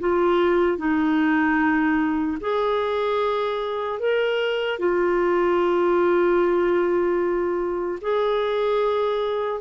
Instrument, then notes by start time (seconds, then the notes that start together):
clarinet
0.00 F4
0.78 D#4
2.41 G#4
4.00 A#4
4.79 F4
8.01 G#4